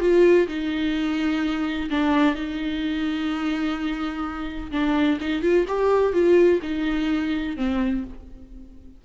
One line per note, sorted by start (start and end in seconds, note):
0.00 0.47 F4
0.48 1.89 D#4
1.90 2.35 D4
2.35 4.71 D#4
4.71 5.19 D4
5.21 5.42 D#4
5.42 5.66 F4
5.68 6.13 G4
6.13 6.60 F4
6.62 7.57 D#4
7.57 8.04 C4